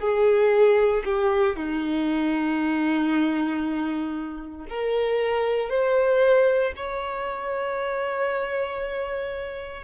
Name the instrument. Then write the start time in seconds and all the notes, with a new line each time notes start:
violin
0.00 G#4
1.04 G4
1.56 D#4
4.69 A#4
5.69 C5
6.76 C#5